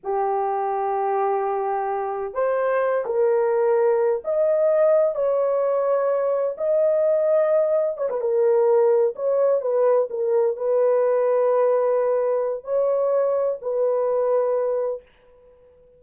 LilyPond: \new Staff \with { instrumentName = "horn" } { \time 4/4 \tempo 4 = 128 g'1~ | g'4 c''4. ais'4.~ | ais'4 dis''2 cis''4~ | cis''2 dis''2~ |
dis''4 cis''16 b'16 ais'2 cis''8~ | cis''8 b'4 ais'4 b'4.~ | b'2. cis''4~ | cis''4 b'2. | }